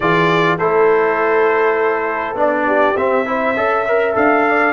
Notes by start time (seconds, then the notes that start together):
0.00 E3 F4 G#4 D5
0.59 A3 E4 A4 C5
2.34 B3 D4 D5
2.66 G4
2.96 C4 E5
3.25 E4 C5
3.55 C#4 A4 E5
3.87 A#4
4.14 D4 A4 F5
4.48 D5